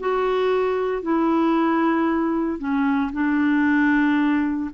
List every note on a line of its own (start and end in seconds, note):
0.00 1.02 F#4
1.02 2.59 E4
2.59 3.11 C#4
3.13 4.71 D4